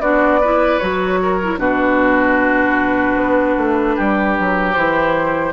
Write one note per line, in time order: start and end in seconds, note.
0.00 0.79 B3
0.00 0.41 D4
0.00 0.41 F#4
0.00 0.79 D5
0.41 0.81 E4
0.41 1.20 B4
0.79 1.58 F#3
0.79 1.40 F#4
0.79 1.58 C#5
1.23 1.60 A#4
1.43 1.58 E4
1.58 3.16 B2
1.58 4.74 D4
1.58 3.96 F#4
1.58 4.73 B4
3.16 3.55 B3
3.58 3.97 A3
3.96 4.39 G3
3.96 5.53 G4
4.39 4.76 F#3
4.73 5.53 E3
4.73 5.53 E4
4.73 5.52 C5